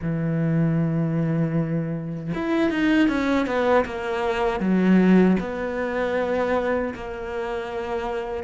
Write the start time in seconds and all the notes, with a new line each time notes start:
0.02 E3
2.34 E4
2.70 D#4
3.08 C#4
3.46 B3
3.85 A#3
4.59 F#3
5.40 B3
6.94 A#3